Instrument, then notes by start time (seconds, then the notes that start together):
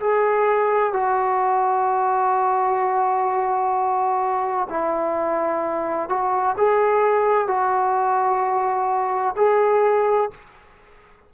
trombone
0.00 G#4
0.93 F#4
4.69 E4
6.09 F#4
6.58 G#4
7.47 F#4
9.37 G#4